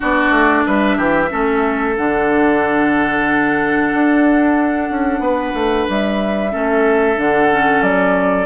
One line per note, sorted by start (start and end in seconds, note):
0.00 0.30 B3
0.00 1.28 D4
0.00 0.64 F#4
0.00 0.65 D5
0.30 0.63 A3
0.65 0.97 G3
0.65 0.97 B4
0.65 1.96 E5
0.97 1.30 E3
0.97 1.29 G4
1.29 1.97 A3
1.29 1.95 C#4
1.29 5.21 A4
1.96 3.93 D3
1.96 6.51 D4
1.96 5.88 F#5
3.93 4.89 D4
4.89 5.19 C#4
5.19 5.51 B3
5.19 6.51 B4
5.53 5.86 A3
5.89 6.54 G3
5.89 7.19 E5
6.51 7.17 A3
6.51 7.16 C#4
6.51 8.46 A4
7.16 7.81 D3
7.16 7.48 D4
7.16 7.82 F#5
7.51 8.46 C#4
7.81 8.46 F#3
7.81 8.46 D5